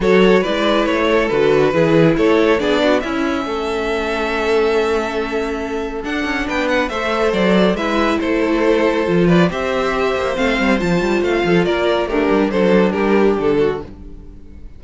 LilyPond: <<
  \new Staff \with { instrumentName = "violin" } { \time 4/4 \tempo 4 = 139 cis''4 d''4 cis''4 b'4~ | b'4 cis''4 d''4 e''4~ | e''1~ | e''2 fis''4 g''8 fis''8 |
e''4 d''4 e''4 c''4~ | c''4. d''8 e''2 | f''4 a''4 f''4 d''4 | ais'4 c''4 ais'4 a'4 | }
  \new Staff \with { instrumentName = "violin" } { \time 4/4 a'4 b'4. a'4. | gis'4 a'4 gis'8 fis'8 e'4 | a'1~ | a'2. b'4 |
c''2 b'4 a'4~ | a'4. b'8 c''2~ | c''2~ c''8 a'8 ais'4 | d'4 a'4 g'4. fis'8 | }
  \new Staff \with { instrumentName = "viola" } { \time 4/4 fis'4 e'2 fis'4 | e'2 d'4 cis'4~ | cis'1~ | cis'2 d'2 |
a'2 e'2~ | e'4 f'4 g'2 | c'4 f'2. | g'4 d'2. | }
  \new Staff \with { instrumentName = "cello" } { \time 4/4 fis4 gis4 a4 d4 | e4 a4 b4 cis'4 | a1~ | a2 d'8 cis'8 b4 |
a4 fis4 gis4 a4~ | a4 f4 c'4. ais8 | a8 g8 f8 g8 a8 f8 ais4 | a8 g8 fis4 g4 d4 | }
>>